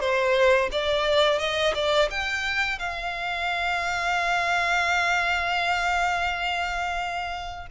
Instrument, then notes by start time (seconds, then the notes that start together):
violin
0.00 C5
0.72 D5
1.39 D#5
1.74 D5
2.10 G5
2.78 F5